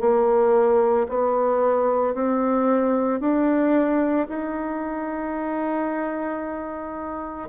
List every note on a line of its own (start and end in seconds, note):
0.00 1.07 A#3
1.09 2.14 B3
2.14 3.20 C4
3.20 4.28 D4
4.29 7.49 D#4